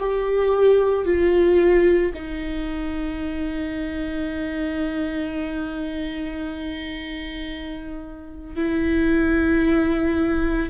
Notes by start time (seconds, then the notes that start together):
0.00 G4
1.06 F4
2.15 D#4
8.56 E4